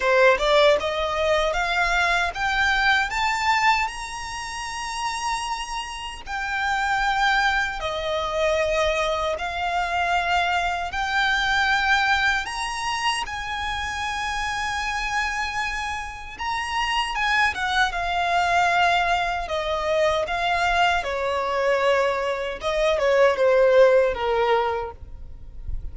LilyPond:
\new Staff \with { instrumentName = "violin" } { \time 4/4 \tempo 4 = 77 c''8 d''8 dis''4 f''4 g''4 | a''4 ais''2. | g''2 dis''2 | f''2 g''2 |
ais''4 gis''2.~ | gis''4 ais''4 gis''8 fis''8 f''4~ | f''4 dis''4 f''4 cis''4~ | cis''4 dis''8 cis''8 c''4 ais'4 | }